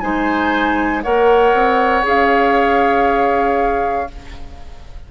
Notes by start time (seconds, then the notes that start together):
0.00 G#3 D#4 C5 G#5
1.03 A#3 A#4 C#5 F#5
1.53 C4
2.03 C#4 G#4 F5